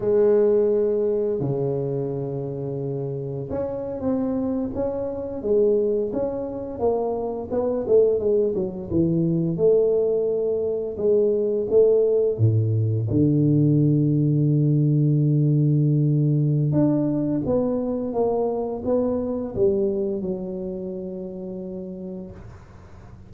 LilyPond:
\new Staff \with { instrumentName = "tuba" } { \time 4/4 \tempo 4 = 86 gis2 cis2~ | cis4 cis'8. c'4 cis'4 gis16~ | gis8. cis'4 ais4 b8 a8 gis16~ | gis16 fis8 e4 a2 gis16~ |
gis8. a4 a,4 d4~ d16~ | d1 | d'4 b4 ais4 b4 | g4 fis2. | }